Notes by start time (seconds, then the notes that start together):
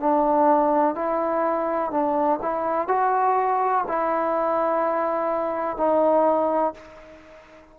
0.00 D4
0.95 E4
1.91 D4
2.42 E4
2.88 F#4
3.88 E4
5.77 D#4